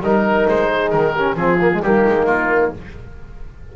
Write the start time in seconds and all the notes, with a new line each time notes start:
0.00 G3 D#4 A#4
0.48 G#3 C5
0.69 G#4
0.90 D#3 A#4
1.14 C#4 G4
1.35 F3 C4 F4 G#4
1.61 A#3
1.72 G#3
1.82 G3 A#3 D#4 G4
2.07 G#3
2.25 A#3 F4